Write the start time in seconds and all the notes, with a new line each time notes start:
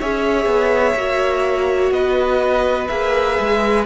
0.00 C#4 G#4 C#5 E5
0.46 B3
0.95 A#3 F#4
1.92 B3 B4 D#5
2.88 A#3 G#4 E5
3.40 G#3